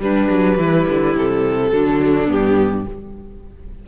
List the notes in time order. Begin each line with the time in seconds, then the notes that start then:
0.00 G3 D4 B4
0.30 F#3
0.58 E3 E4
0.89 D3
1.16 C3 A4
1.71 D3 F#3 D4
2.28 G2 B3 G4